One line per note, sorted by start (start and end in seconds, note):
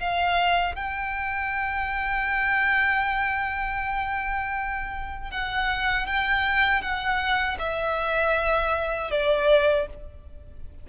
0.00 0.75 F5
0.75 5.31 G5
5.31 6.07 F#5
6.07 6.82 G5
6.82 7.58 F#5
7.59 9.11 E5
9.11 9.87 D5